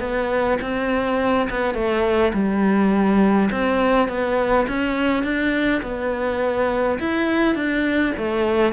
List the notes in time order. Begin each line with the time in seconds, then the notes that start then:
0.00 B3
0.61 C4
1.50 B3
1.74 A3
2.33 G3
3.51 C4
4.08 B3
4.68 C#4
5.23 D4
5.82 B3
6.99 E4
7.55 D4
8.17 A3